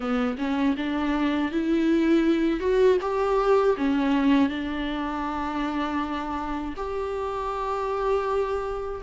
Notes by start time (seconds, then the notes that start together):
0.00 B3
0.38 C#4
0.77 D4
1.51 E4
2.60 F#4
3.01 G4
3.77 C#4
4.49 D4
6.76 G4